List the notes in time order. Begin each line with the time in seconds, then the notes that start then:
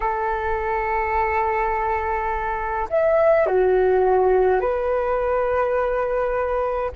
0.00 A4
2.89 E5
3.46 F#4
4.60 B4